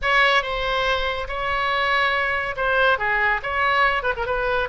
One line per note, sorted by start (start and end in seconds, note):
0.01 0.42 C#5
0.42 1.27 C5
1.27 2.55 C#5
2.56 2.98 C5
2.98 3.40 G#4
3.42 4.03 C#5
4.03 4.13 B4
4.16 4.26 A#4
4.26 4.68 B4